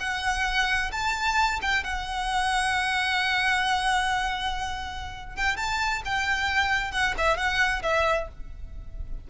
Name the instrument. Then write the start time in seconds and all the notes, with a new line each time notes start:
violin
0.00 F#5
0.92 A5
1.62 G5
1.84 F#5
5.36 G5
5.57 A5
6.05 G5
6.91 F#5
7.18 E5
7.37 F#5
7.82 E5